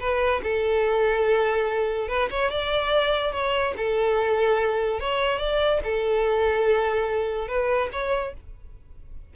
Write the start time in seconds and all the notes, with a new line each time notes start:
0.00 B4
0.43 A4
2.09 B4
2.31 C#5
2.51 D5
3.33 C#5
3.77 A4
5.00 C#5
5.39 D5
5.84 A4
7.48 B4
7.92 C#5